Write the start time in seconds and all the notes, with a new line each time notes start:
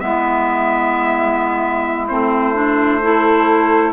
0.00 G#3 B3 E4 E5
2.08 A3 C4 C5
2.54 D4
3.02 E4 A4